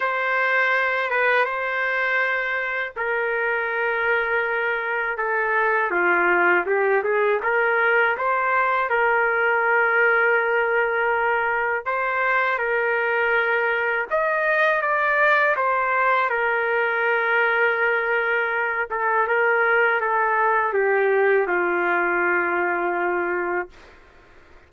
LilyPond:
\new Staff \with { instrumentName = "trumpet" } { \time 4/4 \tempo 4 = 81 c''4. b'8 c''2 | ais'2. a'4 | f'4 g'8 gis'8 ais'4 c''4 | ais'1 |
c''4 ais'2 dis''4 | d''4 c''4 ais'2~ | ais'4. a'8 ais'4 a'4 | g'4 f'2. | }